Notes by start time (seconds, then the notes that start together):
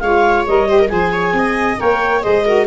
0.00 G#3 F4 C#5 F5
0.47 G3 A#4 D#5
0.68 G4 C5
0.79 A#4
0.87 F3 G#4 C5 G#5
1.12 C#5
1.33 C4 D#5
1.78 A#3 A#4 C#5 G5
2.22 G#3 G#4 C5 D#5
2.46 F#4 A#4